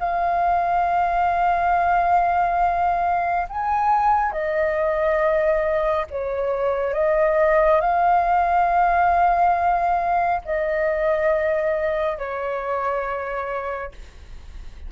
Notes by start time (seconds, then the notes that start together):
0.00 F5
3.49 G#5
4.32 D#5
6.11 C#5
6.94 D#5
7.81 F5
10.45 D#5
12.18 C#5